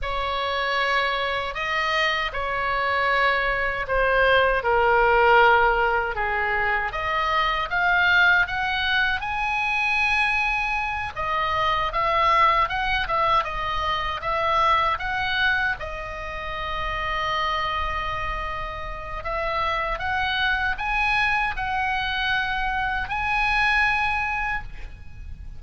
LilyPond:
\new Staff \with { instrumentName = "oboe" } { \time 4/4 \tempo 4 = 78 cis''2 dis''4 cis''4~ | cis''4 c''4 ais'2 | gis'4 dis''4 f''4 fis''4 | gis''2~ gis''8 dis''4 e''8~ |
e''8 fis''8 e''8 dis''4 e''4 fis''8~ | fis''8 dis''2.~ dis''8~ | dis''4 e''4 fis''4 gis''4 | fis''2 gis''2 | }